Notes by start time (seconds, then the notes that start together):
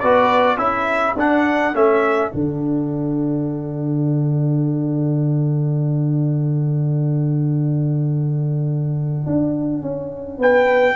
0.00 B3 F#4 B4 D5
0.57 C#4 E4 A4 E5
1.16 D4 F#5
1.74 A3 C#4 E5
2.31 D3 D4 F#5
9.27 D4
9.82 C#4
10.38 B3 B4 G5